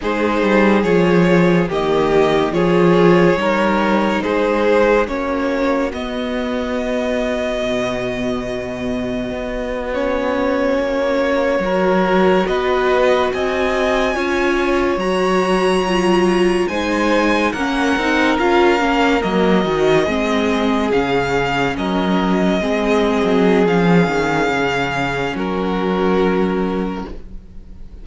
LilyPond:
<<
  \new Staff \with { instrumentName = "violin" } { \time 4/4 \tempo 4 = 71 c''4 cis''4 dis''4 cis''4~ | cis''4 c''4 cis''4 dis''4~ | dis''2.~ dis''8. cis''16~ | cis''2~ cis''8. dis''4 gis''16~ |
gis''4.~ gis''16 ais''2 gis''16~ | gis''8. fis''4 f''4 dis''4~ dis''16~ | dis''8. f''4 dis''2~ dis''16 | f''2 ais'2 | }
  \new Staff \with { instrumentName = "violin" } { \time 4/4 gis'2 g'4 gis'4 | ais'4 gis'4 fis'2~ | fis'1~ | fis'4.~ fis'16 ais'4 b'4 dis''16~ |
dis''8. cis''2. c''16~ | c''8. ais'2. gis'16~ | gis'4.~ gis'16 ais'4 gis'4~ gis'16~ | gis'2 fis'2 | }
  \new Staff \with { instrumentName = "viola" } { \time 4/4 dis'4 f'4 ais4 f'4 | dis'2 cis'4 b4~ | b2.~ b8. cis'16~ | cis'4.~ cis'16 fis'2~ fis'16~ |
fis'8. f'4 fis'4 f'4 dis'16~ | dis'8. cis'8 dis'8 f'8 cis'8 ais8 fis'8 c'16~ | c'8. cis'2 c'4~ c'16 | cis'1 | }
  \new Staff \with { instrumentName = "cello" } { \time 4/4 gis8 g8 f4 dis4 f4 | g4 gis4 ais4 b4~ | b4 b,2 b4~ | b8. ais4 fis4 b4 c'16~ |
c'8. cis'4 fis2 gis16~ | gis8. ais8 c'8 cis'8 ais8 fis8 dis8 gis16~ | gis8. cis4 fis4 gis8. fis8 | f8 dis8 cis4 fis2 | }
>>